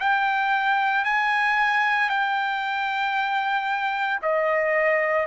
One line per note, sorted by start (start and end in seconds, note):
0.00 1.05 G5
1.05 2.10 G#5
2.10 4.20 G5
4.22 5.27 D#5